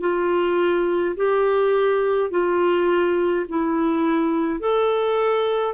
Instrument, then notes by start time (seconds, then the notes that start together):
clarinet
0.00 F4
1.16 G4
2.30 F4
3.48 E4
4.60 A4